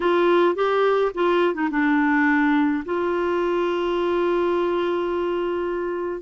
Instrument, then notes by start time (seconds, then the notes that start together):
clarinet
0.00 F4
0.55 G4
1.14 F4
1.54 D#4
1.71 D4
2.85 F4